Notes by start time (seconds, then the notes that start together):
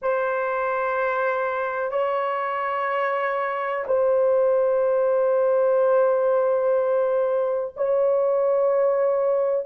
0.01 C5
1.91 C#5
3.87 C5
7.76 C#5